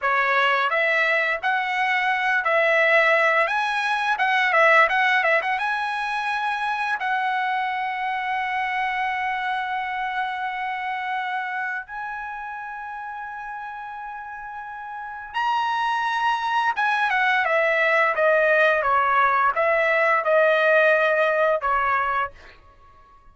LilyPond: \new Staff \with { instrumentName = "trumpet" } { \time 4/4 \tempo 4 = 86 cis''4 e''4 fis''4. e''8~ | e''4 gis''4 fis''8 e''8 fis''8 e''16 fis''16 | gis''2 fis''2~ | fis''1~ |
fis''4 gis''2.~ | gis''2 ais''2 | gis''8 fis''8 e''4 dis''4 cis''4 | e''4 dis''2 cis''4 | }